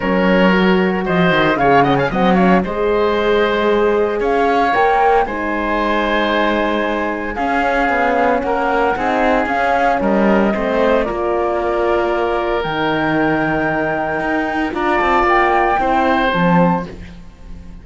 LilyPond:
<<
  \new Staff \with { instrumentName = "flute" } { \time 4/4 \tempo 4 = 114 cis''2 dis''4 f''8 fis''16 gis''16 | fis''8 f''8 dis''2. | f''4 g''4 gis''2~ | gis''2 f''2 |
fis''2 f''4 dis''4~ | dis''4 d''2. | g''1 | ais''8 a''8 g''2 a''4 | }
  \new Staff \with { instrumentName = "oboe" } { \time 4/4 ais'2 c''4 cis''8 dis''16 f''16 | dis''8 cis''8 c''2. | cis''2 c''2~ | c''2 gis'2 |
ais'4 gis'2 ais'4 | c''4 ais'2.~ | ais'1 | d''2 c''2 | }
  \new Staff \with { instrumentName = "horn" } { \time 4/4 cis'4 fis'2 gis'8 cis'8 | c'8 cis'8 gis'2.~ | gis'4 ais'4 dis'2~ | dis'2 cis'2~ |
cis'4 dis'4 cis'2 | c'4 f'2. | dis'1 | f'2 e'4 c'4 | }
  \new Staff \with { instrumentName = "cello" } { \time 4/4 fis2 f8 dis8 cis4 | fis4 gis2. | cis'4 ais4 gis2~ | gis2 cis'4 b4 |
ais4 c'4 cis'4 g4 | a4 ais2. | dis2. dis'4 | d'8 c'8 ais4 c'4 f4 | }
>>